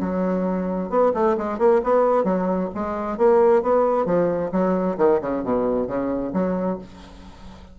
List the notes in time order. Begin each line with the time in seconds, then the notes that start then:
0.00 F#3
0.89 B3
1.14 A3
1.37 G#3
1.59 A#3
1.84 B3
2.24 F#3
2.74 G#3
3.18 A#3
3.62 B3
4.06 F3
4.52 F#3
4.97 D#3
5.21 C#3
5.44 B2
5.87 C#3
6.33 F#3